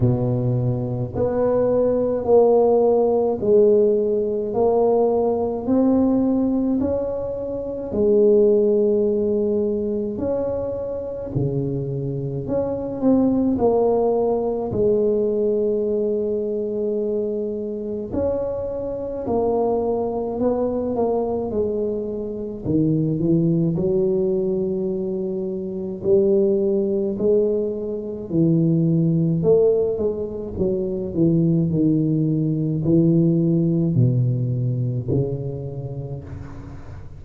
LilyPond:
\new Staff \with { instrumentName = "tuba" } { \time 4/4 \tempo 4 = 53 b,4 b4 ais4 gis4 | ais4 c'4 cis'4 gis4~ | gis4 cis'4 cis4 cis'8 c'8 | ais4 gis2. |
cis'4 ais4 b8 ais8 gis4 | dis8 e8 fis2 g4 | gis4 e4 a8 gis8 fis8 e8 | dis4 e4 b,4 cis4 | }